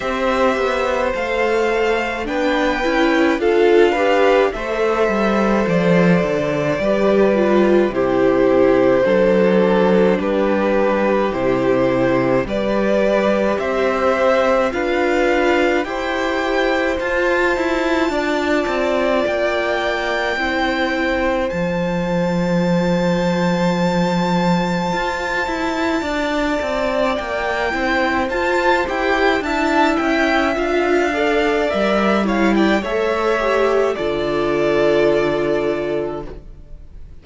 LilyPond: <<
  \new Staff \with { instrumentName = "violin" } { \time 4/4 \tempo 4 = 53 e''4 f''4 g''4 f''4 | e''4 d''2 c''4~ | c''4 b'4 c''4 d''4 | e''4 f''4 g''4 a''4~ |
a''4 g''2 a''4~ | a''1 | g''4 a''8 g''8 a''8 g''8 f''4 | e''8 f''16 g''16 e''4 d''2 | }
  \new Staff \with { instrumentName = "violin" } { \time 4/4 c''2 b'4 a'8 b'8 | c''2 b'4 g'4 | a'4 g'2 b'4 | c''4 b'4 c''2 |
d''2 c''2~ | c''2. d''4~ | d''8 c''4. e''4. d''8~ | d''8 cis''16 d''16 cis''4 a'2 | }
  \new Staff \with { instrumentName = "viola" } { \time 4/4 g'4 a'4 d'8 e'8 f'8 g'8 | a'2 g'8 f'8 e'4 | d'2 e'4 g'4~ | g'4 f'4 g'4 f'4~ |
f'2 e'4 f'4~ | f'1~ | f'8 e'8 f'8 g'8 e'4 f'8 a'8 | ais'8 e'8 a'8 g'8 f'2 | }
  \new Staff \with { instrumentName = "cello" } { \time 4/4 c'8 b8 a4 b8 cis'8 d'4 | a8 g8 f8 d8 g4 c4 | fis4 g4 c4 g4 | c'4 d'4 e'4 f'8 e'8 |
d'8 c'8 ais4 c'4 f4~ | f2 f'8 e'8 d'8 c'8 | ais8 c'8 f'8 e'8 d'8 cis'8 d'4 | g4 a4 d2 | }
>>